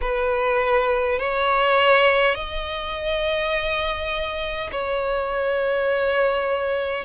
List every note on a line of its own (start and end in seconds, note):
0.01 1.19 B4
1.19 2.35 C#5
2.35 4.70 D#5
4.71 7.04 C#5